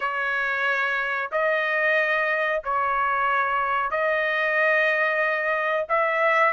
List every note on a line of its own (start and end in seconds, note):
0.00 1.30 C#5
1.31 2.62 D#5
2.64 3.90 C#5
3.90 5.86 D#5
5.88 6.53 E5